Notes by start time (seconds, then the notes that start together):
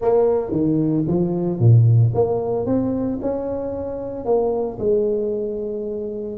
0.01 A#3
0.51 D#3
1.07 F3
1.59 A#2
2.14 A#3
2.66 C4
3.21 C#4
4.25 A#3
4.79 G#3